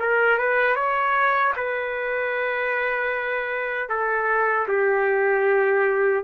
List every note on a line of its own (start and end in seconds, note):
0.00 0.39 A#4
0.39 0.76 B4
0.76 1.54 C#5
1.57 3.90 B4
3.90 4.68 A4
4.69 6.24 G4